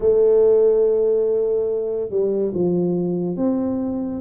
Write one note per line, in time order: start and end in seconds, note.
0.00 2.09 A3
2.09 2.52 G3
2.54 3.36 F3
3.36 4.20 C4